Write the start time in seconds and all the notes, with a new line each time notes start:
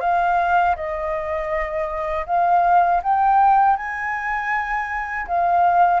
0.00 F5
0.75 D#5
2.26 F5
3.03 G5
3.76 G#5
5.27 F5